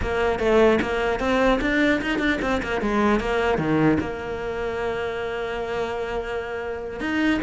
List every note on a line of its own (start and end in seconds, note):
0.02 0.39 A#3
0.39 0.79 A3
0.81 1.19 A#3
1.19 1.59 C4
1.61 2.01 D4
2.01 2.18 D#4
2.18 2.38 D4
2.41 2.61 C4
2.62 2.81 A#3
2.81 3.19 G#3
3.19 3.57 A#3
3.57 3.97 D#3
4.00 7.00 A#3
7.00 7.40 D#4